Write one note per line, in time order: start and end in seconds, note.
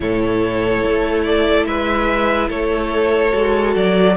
0.00 0.84 A2
0.00 3.31 E4
0.00 1.68 A4
0.00 1.23 C#5
0.84 1.65 A3
1.23 1.65 D5
1.65 2.48 G#3
1.65 2.48 B4
1.65 2.49 E5
2.48 3.32 A3
2.48 4.15 A4
2.48 3.74 C#5
3.31 3.76 G#3
3.31 4.14 F#4
3.76 4.16 F#3
3.76 4.16 D5